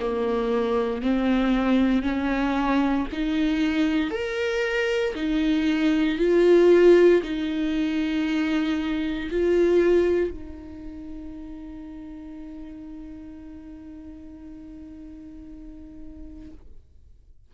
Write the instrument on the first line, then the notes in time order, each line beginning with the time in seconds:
viola
0.00 A#3
1.03 C4
2.03 C#4
3.13 D#4
4.11 A#4
5.16 D#4
6.19 F4
7.23 D#4
9.31 F4
10.31 D#4